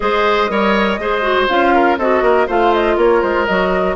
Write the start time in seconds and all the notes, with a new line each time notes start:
0.00 G#3 G#4 C5 D#5
0.48 G3 A#4 C#5
0.98 G#3 G#4 C5
1.22 F#4
1.48 C#4 F4 F5
1.74 A#4
1.98 C4 F#4 A4 D#5
2.21 A#3 A#4
2.46 A3 F4 C5 F5
2.73 D#5
2.96 A#3 A#4 C#5
3.21 G#3 C5
3.45 F#3 F#4 D#5